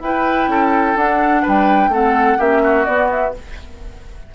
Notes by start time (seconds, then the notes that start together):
0.00 E4 B4 G5
0.47 C#4 A4
0.95 D4 F#5
1.42 G3 B4 G5
1.88 A3 C4 A4 F#5
2.38 A#3 C#4 G4 E5
2.63 F#4
2.85 B3 D5
3.11 E5